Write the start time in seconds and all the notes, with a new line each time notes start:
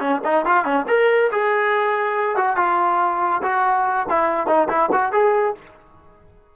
0.00 C#4
0.24 D#4
0.46 F4
0.65 C#4
0.88 A#4
1.32 G#4
2.36 F#4
2.57 F4
3.42 F#4
4.09 E4
4.47 D#4
4.69 E4
4.92 F#4
5.12 G#4